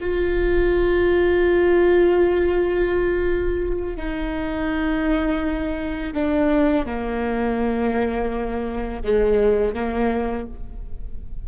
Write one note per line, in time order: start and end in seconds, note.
0.00 3.96 F4
3.96 6.13 D#4
6.13 6.85 D4
6.85 9.02 A#3
9.03 9.74 G#3
9.74 10.46 A#3